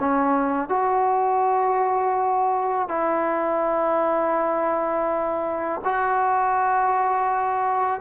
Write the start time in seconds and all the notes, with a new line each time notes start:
0.00 C#4
0.69 F#4
2.89 E4
5.85 F#4